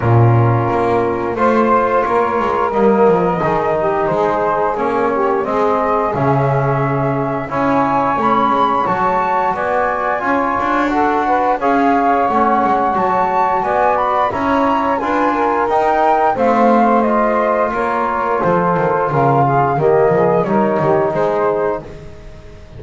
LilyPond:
<<
  \new Staff \with { instrumentName = "flute" } { \time 4/4 \tempo 4 = 88 ais'2 c''4 cis''4 | dis''2 c''4 cis''4 | dis''4 e''2 gis''4 | b''4 a''4 gis''2 |
fis''4 f''4 fis''4 a''4 | gis''8 b''8 ais''4 gis''4 g''4 | f''4 dis''4 cis''4 c''4 | f''4 dis''4 cis''4 c''4 | }
  \new Staff \with { instrumentName = "saxophone" } { \time 4/4 f'2 c''4 ais'4~ | ais'4 gis'8 g'8 gis'4. g'8 | gis'2. cis''4~ | cis''2 d''4 cis''4 |
a'8 b'8 cis''2. | d''4 cis''4 b'8 ais'4. | c''2 ais'4 a'4 | ais'8 gis'8 g'8 gis'8 ais'8 g'8 gis'4 | }
  \new Staff \with { instrumentName = "trombone" } { \time 4/4 cis'2 f'2 | ais4 dis'2 cis'4 | c'4 cis'2 e'4 | cis'4 fis'2 f'4 |
fis'4 gis'4 cis'4 fis'4~ | fis'4 e'4 f'4 dis'4 | c'4 f'2.~ | f'4 ais4 dis'2 | }
  \new Staff \with { instrumentName = "double bass" } { \time 4/4 ais,4 ais4 a4 ais8 gis8 | g8 f8 dis4 gis4 ais4 | gis4 cis2 cis'4 | a8 gis8 fis4 b4 cis'8 d'8~ |
d'4 cis'4 a8 gis8 fis4 | b4 cis'4 d'4 dis'4 | a2 ais4 f8 dis8 | cis4 dis8 f8 g8 dis8 gis4 | }
>>